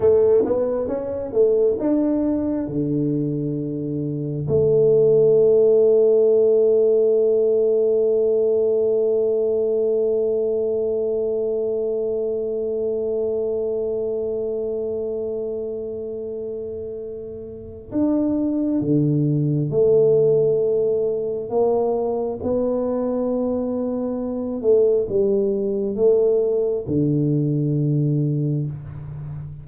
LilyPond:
\new Staff \with { instrumentName = "tuba" } { \time 4/4 \tempo 4 = 67 a8 b8 cis'8 a8 d'4 d4~ | d4 a2.~ | a1~ | a1~ |
a1 | d'4 d4 a2 | ais4 b2~ b8 a8 | g4 a4 d2 | }